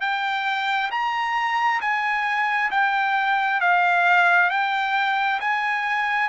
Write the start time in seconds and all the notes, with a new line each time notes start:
0.00 G5
0.91 A#5
1.81 G#5
2.71 G5
3.60 F5
4.50 G5
5.40 G#5